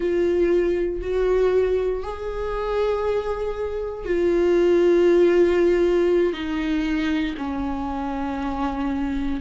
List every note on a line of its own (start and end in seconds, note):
0.00 1.01 F4
1.01 2.02 F#4
2.02 4.04 G#4
4.04 6.33 F4
6.33 7.35 D#4
7.37 9.41 C#4